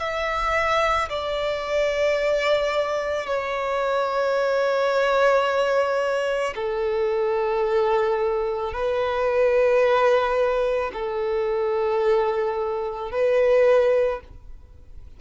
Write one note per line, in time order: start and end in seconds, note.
0.00 1.09 E5
1.10 3.27 D5
3.27 6.54 C#5
6.56 8.73 A4
8.73 10.91 B4
10.94 13.12 A4
13.12 14.21 B4